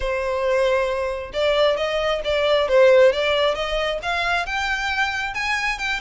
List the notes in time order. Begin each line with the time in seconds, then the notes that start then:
0.00 C5
1.33 D5
1.76 D#5
2.24 D5
2.68 C5
3.12 D5
3.55 D#5
4.02 F5
4.46 G5
5.33 G#5
5.78 G5